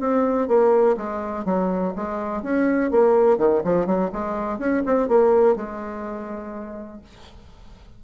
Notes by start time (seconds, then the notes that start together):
0.00 C4
0.48 A#3
0.97 G#3
1.45 F#3
1.96 G#3
2.43 C#4
2.91 A#3
3.38 D#3
3.64 F3
3.86 F#3
4.13 G#3
4.59 C#4
4.86 C4
5.08 A#3
5.56 G#3